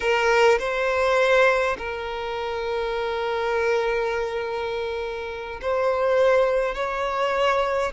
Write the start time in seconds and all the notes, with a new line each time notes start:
0.00 A#4
0.59 C5
1.78 A#4
5.61 C5
6.74 C#5